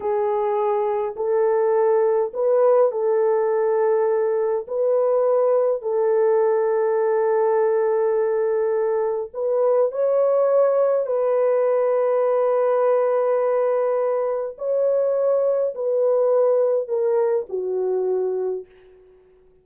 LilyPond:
\new Staff \with { instrumentName = "horn" } { \time 4/4 \tempo 4 = 103 gis'2 a'2 | b'4 a'2. | b'2 a'2~ | a'1 |
b'4 cis''2 b'4~ | b'1~ | b'4 cis''2 b'4~ | b'4 ais'4 fis'2 | }